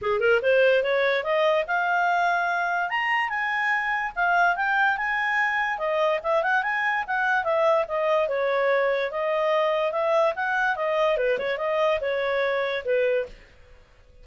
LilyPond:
\new Staff \with { instrumentName = "clarinet" } { \time 4/4 \tempo 4 = 145 gis'8 ais'8 c''4 cis''4 dis''4 | f''2. ais''4 | gis''2 f''4 g''4 | gis''2 dis''4 e''8 fis''8 |
gis''4 fis''4 e''4 dis''4 | cis''2 dis''2 | e''4 fis''4 dis''4 b'8 cis''8 | dis''4 cis''2 b'4 | }